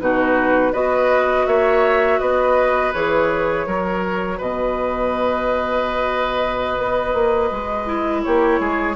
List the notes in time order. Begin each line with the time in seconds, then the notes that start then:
0.00 B2 D#4 F#4 B4
0.72 B3 F#4 B4 D#5
1.46 A#3 C#5 E5
2.18 B3 B4 D#5
2.93 E3 G#4 C#5
3.66 F#3 F#4 A#4
4.37 B2 B4 D#5
6.77 B3
7.14 A#3
7.51 G#3
7.85 E4
8.23 A#3 G4 C#5
8.59 G#3 G#4